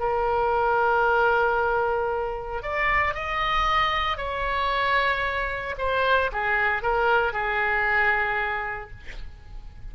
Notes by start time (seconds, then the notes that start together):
0.00 A#4
2.63 D5
3.15 D#5
4.17 C#5
5.78 C5
6.33 G#4
6.83 A#4
7.33 G#4